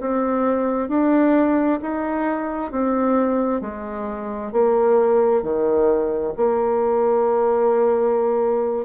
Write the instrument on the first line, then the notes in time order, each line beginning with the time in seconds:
bassoon
0.00 C4
0.88 D4
1.82 D#4
2.71 C4
3.61 G#3
4.52 A#3
5.43 D#3
6.36 A#3